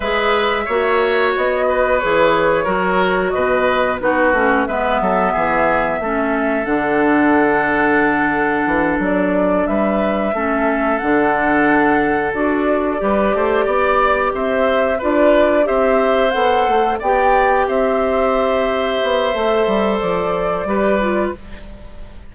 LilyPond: <<
  \new Staff \with { instrumentName = "flute" } { \time 4/4 \tempo 4 = 90 e''2 dis''4 cis''4~ | cis''4 dis''4 b'4 e''4~ | e''2 fis''2~ | fis''4. d''4 e''4.~ |
e''8 fis''2 d''4.~ | d''4. e''4 d''4 e''8~ | e''8 fis''4 g''4 e''4.~ | e''2 d''2 | }
  \new Staff \with { instrumentName = "oboe" } { \time 4/4 b'4 cis''4. b'4. | ais'4 b'4 fis'4 b'8 a'8 | gis'4 a'2.~ | a'2~ a'8 b'4 a'8~ |
a'2.~ a'8 b'8 | c''8 d''4 c''4 b'4 c''8~ | c''4. d''4 c''4.~ | c''2. b'4 | }
  \new Staff \with { instrumentName = "clarinet" } { \time 4/4 gis'4 fis'2 gis'4 | fis'2 dis'8 cis'8 b4~ | b4 cis'4 d'2~ | d'2.~ d'8 cis'8~ |
cis'8 d'2 fis'4 g'8~ | g'2~ g'8 f'4 g'8~ | g'8 a'4 g'2~ g'8~ | g'4 a'2 g'8 f'8 | }
  \new Staff \with { instrumentName = "bassoon" } { \time 4/4 gis4 ais4 b4 e4 | fis4 b,4 b8 a8 gis8 fis8 | e4 a4 d2~ | d4 e8 fis4 g4 a8~ |
a8 d2 d'4 g8 | a8 b4 c'4 d'4 c'8~ | c'8 b8 a8 b4 c'4.~ | c'8 b8 a8 g8 f4 g4 | }
>>